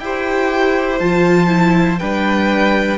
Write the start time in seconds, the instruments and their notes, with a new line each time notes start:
0.00 cello E4, viola G4, violin C5 G5
1.00 cello F3, viola F4, violin A5
1.48 viola E4
1.99 cello G3, viola D4, violin B4 G5